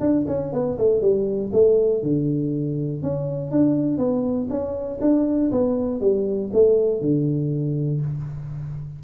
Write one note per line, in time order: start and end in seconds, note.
0.00 0.25 D4
0.27 0.52 C#4
0.53 0.77 B3
0.78 1.01 A3
1.01 1.51 G3
1.52 2.02 A3
2.02 3.02 D3
3.02 3.51 C#4
3.51 3.98 D4
3.98 4.48 B3
4.50 5.00 C#4
5.01 5.51 D4
5.51 6.00 B3
6.00 6.50 G3
6.53 7.01 A3
7.01 8.01 D3